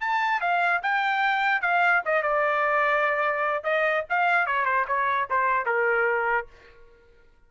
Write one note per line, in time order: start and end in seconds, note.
0.00 0.41 A5
0.41 0.81 F5
0.82 1.61 G5
1.61 2.02 F5
2.05 2.22 D#5
2.22 3.64 D5
3.64 4.04 D#5
4.09 4.46 F5
4.46 4.65 C#5
4.65 4.85 C5
4.87 5.28 C#5
5.30 5.66 C5
5.66 6.47 A#4